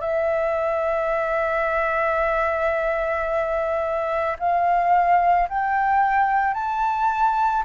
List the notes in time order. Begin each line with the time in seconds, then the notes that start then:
0.00 E5
4.39 F5
5.48 G5
6.54 A5